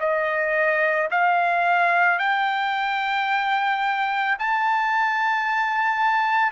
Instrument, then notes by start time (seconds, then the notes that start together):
trumpet
0.00 D#5
1.11 F5
2.19 G5
4.39 A5